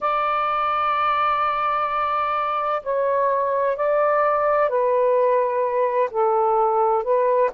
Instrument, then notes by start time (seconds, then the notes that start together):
saxophone
0.00 D5
2.82 C#5
3.76 D5
4.69 B4
6.10 A4
7.03 B4